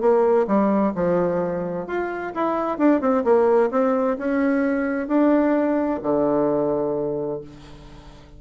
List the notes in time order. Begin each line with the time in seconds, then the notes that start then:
0.00 A#3
0.47 G3
0.94 F3
1.87 F4
2.34 E4
2.78 D4
3.00 C4
3.24 A#3
3.71 C4
4.18 C#4
5.07 D4
6.02 D3